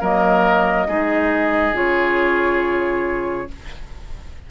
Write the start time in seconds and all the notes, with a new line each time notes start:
0.00 F#3 A#3 A#4 D#5
0.87 G#3 D#4 G#4
1.72 C#3 F4 C#5